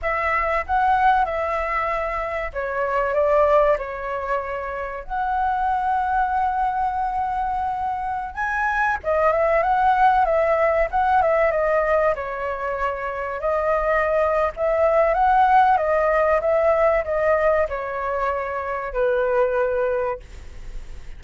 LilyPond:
\new Staff \with { instrumentName = "flute" } { \time 4/4 \tempo 4 = 95 e''4 fis''4 e''2 | cis''4 d''4 cis''2 | fis''1~ | fis''4~ fis''16 gis''4 dis''8 e''8 fis''8.~ |
fis''16 e''4 fis''8 e''8 dis''4 cis''8.~ | cis''4~ cis''16 dis''4.~ dis''16 e''4 | fis''4 dis''4 e''4 dis''4 | cis''2 b'2 | }